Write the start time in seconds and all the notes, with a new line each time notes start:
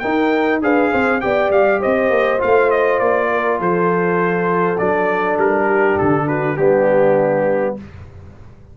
0.00 D#4 A#4 G5
0.62 D4 G#4 B4 F5
0.92 C4 C5
1.21 B3 G4 D5 G5
1.50 G3 F5
1.81 C4 C5 D#5
2.10 A#3
2.39 A3 F4 F5
2.71 D#5
3.00 A#3 D5
3.32 A#4
3.60 F3 A4 C5
4.79 F#3 D4 D5
5.37 G3 A#4
5.66 G4
5.98 D3 A4
6.28 F#4 B4
6.57 G3 B3 D4 G4